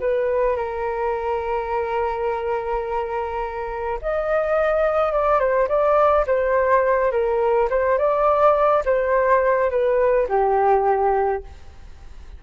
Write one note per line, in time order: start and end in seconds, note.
0.00 0.56 B4
0.56 3.99 A#4
4.02 5.12 D#5
5.12 5.39 D5
5.39 5.68 C5
5.69 6.26 D5
6.27 7.12 C5
7.12 7.69 A#4
7.70 7.98 C5
7.98 8.84 D5
8.85 9.70 C5
9.70 10.28 B4
10.29 11.43 G4